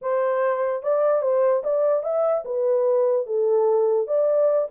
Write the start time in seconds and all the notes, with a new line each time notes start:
0.01 C5
0.83 D5
1.21 C5
1.63 D5
2.03 E5
2.45 B4
3.26 A4
4.07 D5